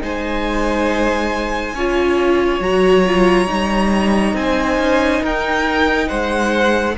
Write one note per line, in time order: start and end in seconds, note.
0.00 1.73 G#3
0.00 1.74 D#4
0.00 1.75 C5
0.00 2.62 G#5
1.73 2.60 C#4
1.73 2.61 F4
1.73 4.36 C#5
2.60 3.47 F#3
2.60 3.04 F#4
2.60 4.36 A#5
3.06 3.47 F4
3.47 4.33 G3
3.47 6.95 D#4
4.33 4.77 C4
4.33 5.22 C5
4.33 5.23 G#5
4.78 5.21 C#4
5.22 6.09 D#4
5.22 6.08 A#4
5.22 6.08 G5
6.08 6.97 G#3
6.08 6.95 C5
6.08 6.95 F#5